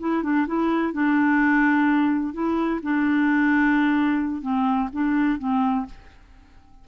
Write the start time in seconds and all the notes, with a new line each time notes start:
0.00 E4
0.24 D4
0.47 E4
0.94 D4
2.34 E4
2.83 D4
4.43 C4
4.93 D4
5.39 C4